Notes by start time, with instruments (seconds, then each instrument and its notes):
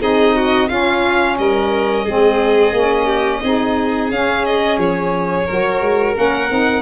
0.00 tuba C4, saxophone D#4, violin G#4 D#5
0.35 violin F#4
0.68 saxophone C#4, tuba C#4, violin F4 F5
1.38 tuba G3, violin A#4 D#5
2.04 tuba G#3, saxophone C4, violin G#4
2.72 tuba A#3, saxophone C#4
3.06 violin G4
3.43 tuba C4, saxophone D#4, violin G#4
4.10 tuba C#4, saxophone C#4, violin F5
4.45 violin D#5
4.77 tuba F3, violin C#5
5.46 tuba F#3, saxophone F#4, violin A#4
5.81 tuba G#3
6.14 tuba A#3, saxophone C#4, violin F#5
6.49 tuba C4, saxophone D#4